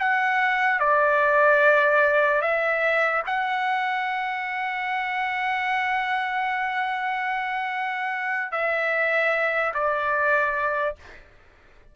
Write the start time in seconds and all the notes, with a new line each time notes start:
0.00 F#5
0.80 D5
2.42 E5
3.27 F#5
8.52 E5
9.74 D5